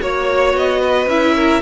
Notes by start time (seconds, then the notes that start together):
0.00 A#3 F#4 C#5
0.53 B3 D#5
0.80 B4
1.06 C#4 E4 E5
1.35 A#4